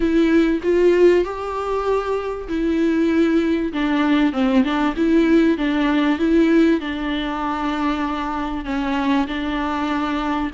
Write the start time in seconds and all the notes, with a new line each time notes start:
0.00 E4
0.63 F4
1.24 G4
2.48 E4
3.73 D4
4.32 C4
4.63 D4
4.96 E4
5.57 D4
6.19 E4
6.80 D4
8.65 C#4
9.27 D4